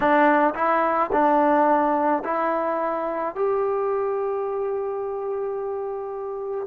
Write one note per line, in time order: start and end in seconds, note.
0.00 0.54 D4
0.54 1.10 E4
1.12 2.23 D4
2.24 3.35 E4
3.35 6.67 G4